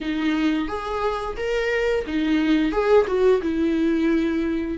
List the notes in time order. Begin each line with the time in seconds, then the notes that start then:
0.01 D#4
0.68 G#4
1.36 A#4
2.06 D#4
2.71 G#4
3.07 F#4
3.42 E4